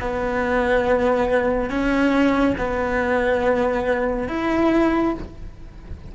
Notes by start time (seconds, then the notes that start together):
0.00 B3
1.69 C#4
2.58 B3
4.29 E4